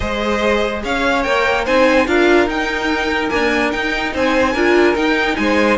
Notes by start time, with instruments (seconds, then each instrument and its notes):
0.00 cello G#3, viola G#4, violin C5 D#5
0.83 cello C#4, violin C#5 F5
1.23 cello A#3, viola A#4, violin G5
1.64 cello C4, viola D#4, violin C5 G#5
2.07 cello D4, viola F4, violin A#4 F5
2.46 cello D#4, viola D#4, violin G5
3.28 viola A#3, cello D4, violin G#5
3.71 viola D#4, cello D#4, violin G5
4.13 cello C4, violin C5 G#5
4.53 cello D4, viola F4, violin A#4
4.95 viola D#4, cello D#4, violin G5
5.36 cello G#3, violin C5 G#5